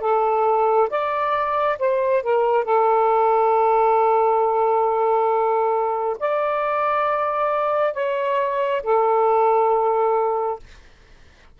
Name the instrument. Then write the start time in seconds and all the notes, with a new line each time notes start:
saxophone
0.00 A4
0.89 D5
1.78 C5
2.22 A#4
2.64 A4
6.19 D5
7.93 C#5
8.82 A4